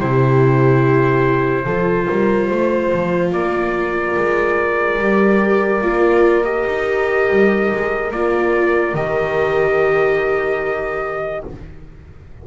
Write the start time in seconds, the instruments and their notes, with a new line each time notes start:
0.00 double bass C3, viola E4, horn G4, trumpet C5
1.65 double bass F3, viola F4, horn A4
2.07 double bass G3, horn A#4
2.49 double bass A3, horn C5
2.93 double bass F3
3.32 double bass A#3, horn A#4, trumpet D5
4.17 double bass G#3
4.99 double bass G3, viola G4
5.82 double bass A#3, viola F4
6.44 viola G4, trumpet D#5
6.67 double bass D#4
7.31 double bass G3
7.72 double bass G#3
8.11 double bass A#3, viola F4, trumpet D5
8.94 double bass D#3, viola G4, trumpet D#5